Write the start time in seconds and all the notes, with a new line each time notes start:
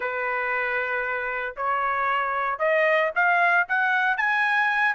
0.00 B4
1.56 C#5
2.58 D#5
3.15 F5
3.68 F#5
4.17 G#5